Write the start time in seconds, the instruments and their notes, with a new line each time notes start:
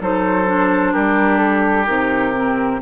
0.00 bassoon F#3, clarinet D#4, oboe A4, flute C5
0.46 clarinet D4
0.93 bassoon G3, oboe G4, flute A#4
1.38 flute A4
1.86 bassoon C3, clarinet D#4, flute A#4
2.34 clarinet C4